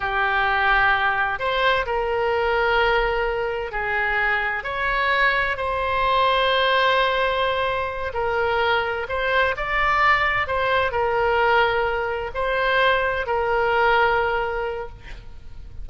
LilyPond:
\new Staff \with { instrumentName = "oboe" } { \time 4/4 \tempo 4 = 129 g'2. c''4 | ais'1 | gis'2 cis''2 | c''1~ |
c''4. ais'2 c''8~ | c''8 d''2 c''4 ais'8~ | ais'2~ ais'8 c''4.~ | c''8 ais'2.~ ais'8 | }